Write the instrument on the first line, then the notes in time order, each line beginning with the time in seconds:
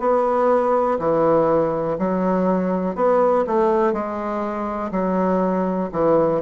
bassoon
0.00 B3
0.99 E3
1.99 F#3
2.96 B3
3.47 A3
3.93 G#3
4.91 F#3
5.92 E3